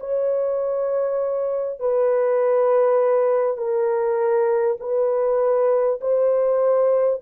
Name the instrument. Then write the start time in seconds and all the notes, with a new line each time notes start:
horn
0.00 C#5
1.80 B4
3.57 A#4
4.81 B4
6.01 C5